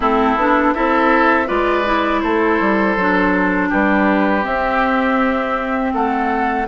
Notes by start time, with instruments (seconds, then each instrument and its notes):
0.00 bassoon A3, clarinet C4, oboe E4, flute A4
0.36 bassoon B3, clarinet D4
0.74 bassoon C4, clarinet E4, oboe A4, flute E5
1.46 bassoon G#3, clarinet F4, oboe B4, flute D5
1.85 clarinet E4
2.20 bassoon A3, oboe A4, flute C5
2.60 bassoon G3
2.96 bassoon F#3, clarinet D4
3.69 bassoon G3, oboe G4, flute B4
4.42 clarinet C4, bassoon C4, flute E5
5.93 bassoon A3, oboe A4, flute F#5